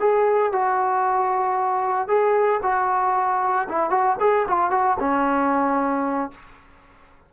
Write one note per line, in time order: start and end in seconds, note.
0.00 0.52 G#4
0.52 2.08 F#4
2.08 2.61 G#4
2.63 3.68 F#4
3.69 3.90 E4
3.90 4.17 F#4
4.20 4.46 G#4
4.48 4.71 F4
4.71 4.97 F#4
5.00 6.31 C#4